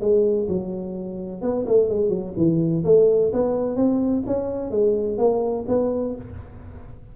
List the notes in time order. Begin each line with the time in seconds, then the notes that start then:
0.00 G#3
0.48 F#3
1.42 B3
1.66 A3
1.89 G#3
2.09 F#3
2.36 E3
2.84 A3
3.32 B3
3.76 C4
4.26 C#4
4.71 G#3
5.18 A#3
5.68 B3